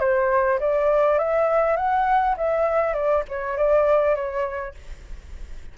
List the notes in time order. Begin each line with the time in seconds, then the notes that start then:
0.00 C5
0.60 D5
1.19 E5
1.77 F#5
2.38 E5
2.94 D5
3.29 C#5
3.58 D5
4.16 C#5